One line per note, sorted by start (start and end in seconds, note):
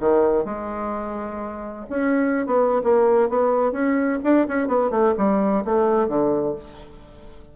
0.00 0.45 D#3
0.45 1.85 G#3
1.89 2.46 C#4
2.46 2.81 B3
2.84 3.29 A#3
3.29 3.72 B3
3.72 4.19 C#4
4.23 4.47 D4
4.48 4.67 C#4
4.67 4.90 B3
4.90 5.14 A3
5.18 5.64 G3
5.65 6.08 A3
6.08 6.55 D3